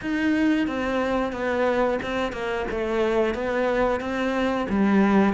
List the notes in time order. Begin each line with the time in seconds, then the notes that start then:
0.01 D#4
0.67 C4
1.32 B3
2.02 C4
2.32 A#3
2.70 A3
3.34 B3
4.00 C4
4.69 G3